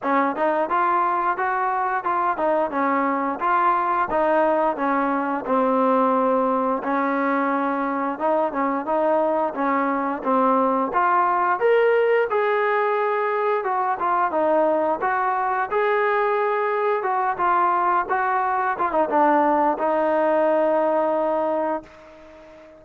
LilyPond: \new Staff \with { instrumentName = "trombone" } { \time 4/4 \tempo 4 = 88 cis'8 dis'8 f'4 fis'4 f'8 dis'8 | cis'4 f'4 dis'4 cis'4 | c'2 cis'2 | dis'8 cis'8 dis'4 cis'4 c'4 |
f'4 ais'4 gis'2 | fis'8 f'8 dis'4 fis'4 gis'4~ | gis'4 fis'8 f'4 fis'4 f'16 dis'16 | d'4 dis'2. | }